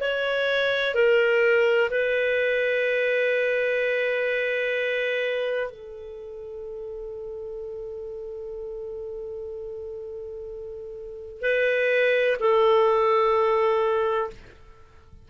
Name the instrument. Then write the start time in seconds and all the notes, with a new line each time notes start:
clarinet
0.00 C#5
0.94 A#4
1.90 B4
5.70 A4
11.41 B4
12.40 A4